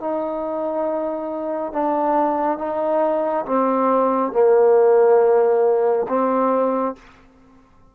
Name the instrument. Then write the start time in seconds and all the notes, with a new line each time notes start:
trombone
0.00 D#4
1.73 D4
2.58 D#4
3.45 C4
4.32 A#3
6.08 C4